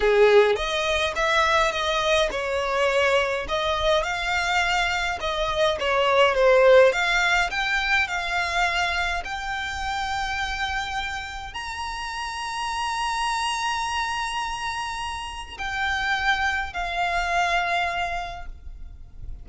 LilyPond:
\new Staff \with { instrumentName = "violin" } { \time 4/4 \tempo 4 = 104 gis'4 dis''4 e''4 dis''4 | cis''2 dis''4 f''4~ | f''4 dis''4 cis''4 c''4 | f''4 g''4 f''2 |
g''1 | ais''1~ | ais''2. g''4~ | g''4 f''2. | }